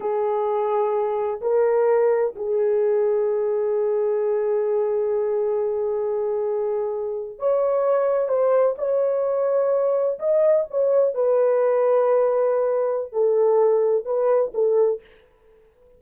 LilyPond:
\new Staff \with { instrumentName = "horn" } { \time 4/4 \tempo 4 = 128 gis'2. ais'4~ | ais'4 gis'2.~ | gis'1~ | gis'2.~ gis'8. cis''16~ |
cis''4.~ cis''16 c''4 cis''4~ cis''16~ | cis''4.~ cis''16 dis''4 cis''4 b'16~ | b'1 | a'2 b'4 a'4 | }